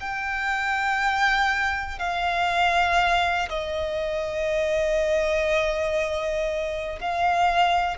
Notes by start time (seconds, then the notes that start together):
0.00 G5
1.99 F5
3.49 D#5
7.01 F5